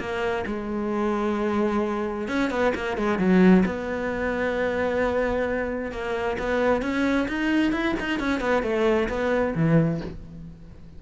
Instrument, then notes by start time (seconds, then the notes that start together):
cello
0.00 A#3
0.47 G#3
2.29 C#4
2.51 B3
2.75 A#3
2.98 G#3
3.19 F#3
3.66 B3
5.92 A#3
6.39 B3
6.82 C#4
7.29 D#4
7.73 E4
8.00 D#4
8.20 C#4
8.41 B3
8.63 A3
9.09 B3
9.56 E3